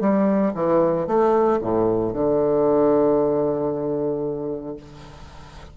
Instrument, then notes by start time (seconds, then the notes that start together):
bassoon
0.00 G3
0.54 E3
1.07 A3
1.61 A2
2.13 D3